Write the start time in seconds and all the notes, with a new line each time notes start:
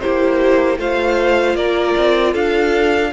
0.00 A#3 E4 G4 C5
0.78 A3 F4 C5 F5
1.54 A#3 A#4 D5
1.97 C4
2.32 D4 A4 F5